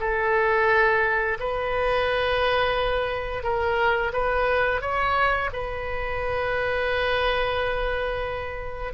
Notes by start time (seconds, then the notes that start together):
0.00 A4
1.39 B4
3.43 A#4
4.13 B4
4.81 C#5
5.53 B4